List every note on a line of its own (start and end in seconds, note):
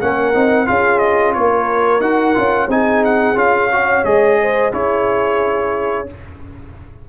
0.00 0.35 A#3
0.00 0.33 C#4
0.00 0.67 A#4
0.00 0.66 F#5
0.33 0.68 C4
0.33 0.66 D#4
0.66 1.36 C#4
0.66 2.00 F4
0.66 1.35 G#4
0.66 0.99 F5
0.99 1.32 D#5
1.33 2.00 A#3
1.33 2.70 A#4
1.33 2.01 C#5
2.00 2.34 D#4
2.00 2.34 F#4
2.00 2.68 F#5
2.34 2.67 C#4
2.34 2.68 F4
2.67 3.34 C4
2.67 3.35 D#4
2.67 3.73 G#4
2.67 3.04 G#5
3.04 3.37 F#5
3.35 4.03 C#4
3.35 3.69 F4
3.35 4.04 F5
3.71 4.04 F#4
3.71 4.41 C#5
4.04 4.72 G#3
4.04 4.72 G#4
4.04 4.72 D#5
4.41 4.74 C5
4.72 6.07 C#4
4.72 6.06 E4
4.72 6.09 G#4
4.72 6.08 C#5